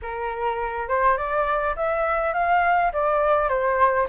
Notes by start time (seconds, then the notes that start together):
0.02 A#4
0.88 C5
1.17 D5
1.76 E5
2.33 F5
2.93 D5
3.48 C5